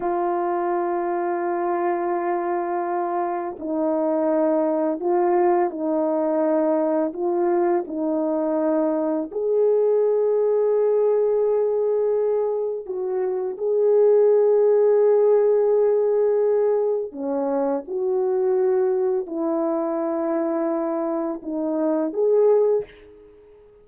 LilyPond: \new Staff \with { instrumentName = "horn" } { \time 4/4 \tempo 4 = 84 f'1~ | f'4 dis'2 f'4 | dis'2 f'4 dis'4~ | dis'4 gis'2.~ |
gis'2 fis'4 gis'4~ | gis'1 | cis'4 fis'2 e'4~ | e'2 dis'4 gis'4 | }